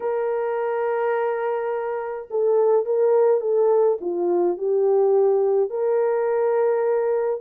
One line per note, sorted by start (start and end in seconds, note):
0.00 2.28 A#4
2.30 2.85 A4
2.85 3.41 A#4
3.41 3.98 A4
4.00 4.57 F4
4.57 5.69 G4
5.69 7.41 A#4